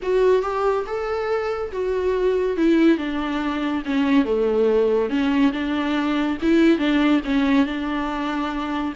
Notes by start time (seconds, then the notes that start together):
0.02 F#4
0.42 G4
0.86 A4
1.72 F#4
2.56 E4
2.97 D4
3.85 C#4
4.24 A3
5.09 C#4
5.52 D4
6.42 E4
6.78 D4
7.25 C#4
7.66 D4